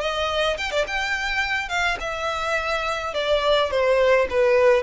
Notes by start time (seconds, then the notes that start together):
0.00 D#5
0.57 G5
0.71 D5
0.87 G5
1.69 F5
1.99 E5
3.14 D5
3.70 C5
4.30 B4